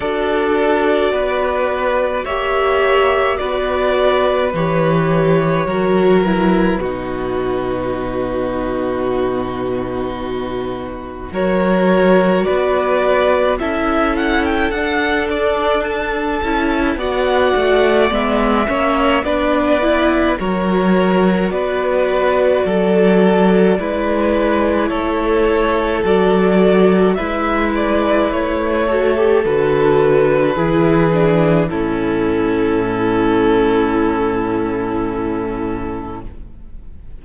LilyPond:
<<
  \new Staff \with { instrumentName = "violin" } { \time 4/4 \tempo 4 = 53 d''2 e''4 d''4 | cis''4. b'2~ b'8~ | b'2 cis''4 d''4 | e''8 fis''16 g''16 fis''8 d''8 a''4 fis''4 |
e''4 d''4 cis''4 d''4~ | d''2 cis''4 d''4 | e''8 d''8 cis''4 b'2 | a'1 | }
  \new Staff \with { instrumentName = "violin" } { \time 4/4 a'4 b'4 cis''4 b'4~ | b'4 ais'4 fis'2~ | fis'2 ais'4 b'4 | a'2. d''4~ |
d''8 cis''8 b'4 ais'4 b'4 | a'4 b'4 a'2 | b'4. a'4. gis'4 | e'1 | }
  \new Staff \with { instrumentName = "viola" } { \time 4/4 fis'2 g'4 fis'4 | g'4 fis'8 e'8 dis'2~ | dis'2 fis'2 | e'4 d'4. e'8 fis'4 |
b8 cis'8 d'8 e'8 fis'2~ | fis'4 e'2 fis'4 | e'4. fis'16 g'16 fis'4 e'8 d'8 | cis'1 | }
  \new Staff \with { instrumentName = "cello" } { \time 4/4 d'4 b4 ais4 b4 | e4 fis4 b,2~ | b,2 fis4 b4 | cis'4 d'4. cis'8 b8 a8 |
gis8 ais8 b4 fis4 b4 | fis4 gis4 a4 fis4 | gis4 a4 d4 e4 | a,1 | }
>>